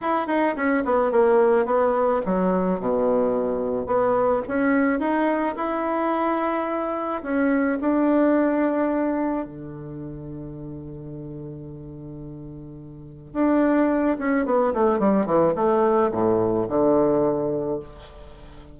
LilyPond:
\new Staff \with { instrumentName = "bassoon" } { \time 4/4 \tempo 4 = 108 e'8 dis'8 cis'8 b8 ais4 b4 | fis4 b,2 b4 | cis'4 dis'4 e'2~ | e'4 cis'4 d'2~ |
d'4 d2.~ | d1 | d'4. cis'8 b8 a8 g8 e8 | a4 a,4 d2 | }